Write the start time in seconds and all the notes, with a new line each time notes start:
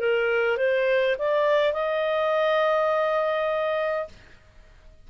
0.00 A#4
0.57 C5
1.19 D5
1.73 D#5